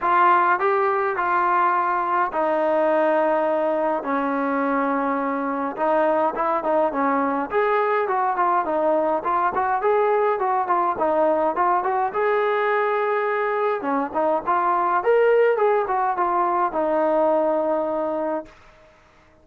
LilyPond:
\new Staff \with { instrumentName = "trombone" } { \time 4/4 \tempo 4 = 104 f'4 g'4 f'2 | dis'2. cis'4~ | cis'2 dis'4 e'8 dis'8 | cis'4 gis'4 fis'8 f'8 dis'4 |
f'8 fis'8 gis'4 fis'8 f'8 dis'4 | f'8 fis'8 gis'2. | cis'8 dis'8 f'4 ais'4 gis'8 fis'8 | f'4 dis'2. | }